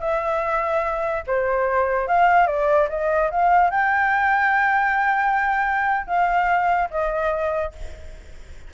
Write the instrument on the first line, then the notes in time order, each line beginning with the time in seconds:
flute
0.00 E5
1.27 C5
2.08 F5
2.47 D5
2.89 D#5
3.31 F5
3.70 G5
6.07 F5
6.90 D#5